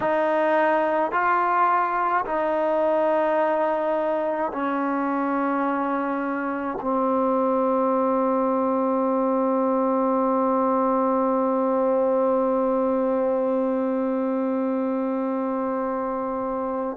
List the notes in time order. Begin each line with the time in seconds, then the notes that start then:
0.00 D#4
1.11 F4
2.25 D#4
4.52 C#4
6.80 C4